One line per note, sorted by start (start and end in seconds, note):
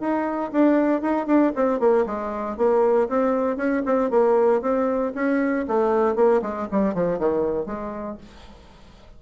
0.00 0.51 D#4
0.52 1.02 D4
1.02 1.27 D#4
1.27 1.52 D4
1.56 1.80 C4
1.80 2.05 A#3
2.06 2.57 G#3
2.57 3.09 A#3
3.09 3.57 C4
3.57 3.83 C#4
3.86 4.11 C4
4.11 4.62 A#3
4.62 5.13 C4
5.15 5.66 C#4
5.68 6.16 A3
6.16 6.41 A#3
6.42 6.68 G#3
6.72 6.95 G3
6.95 7.19 F3
7.19 7.66 D#3
7.66 8.18 G#3